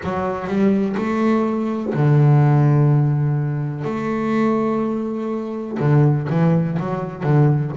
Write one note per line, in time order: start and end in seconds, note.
0.03 0.47 F#3
0.47 0.95 G3
0.97 1.94 A3
1.94 3.84 D3
3.84 5.78 A3
5.79 6.28 D3
6.29 6.77 E3
6.79 7.23 F#3
7.23 7.71 D3